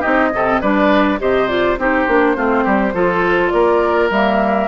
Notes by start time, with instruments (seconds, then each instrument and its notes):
0.00 bassoon C4, clarinet D#4, oboe G4, flute D#5
0.33 bassoon C3, clarinet C4, oboe A4
0.61 bassoon G3, clarinet D4, oboe B4, flute D5
1.19 bassoon C3, clarinet G4, oboe C5, flute D#5
1.48 clarinet F4, flute D5
1.78 bassoon C4, clarinet D#4, oboe G4, flute C5
2.08 bassoon A#3, clarinet D4
2.36 bassoon A3, clarinet C4, oboe F4
2.64 bassoon G3, oboe G4
2.93 bassoon F3, clarinet F4, oboe A4
3.50 bassoon A#3, oboe A#4, flute D5
4.10 bassoon G3, clarinet A#3, flute E5